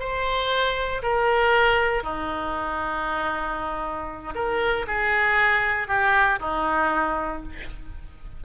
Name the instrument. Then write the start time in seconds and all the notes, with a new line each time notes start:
oboe
0.00 C5
1.03 A#4
2.04 D#4
4.35 A#4
4.88 G#4
5.88 G4
6.40 D#4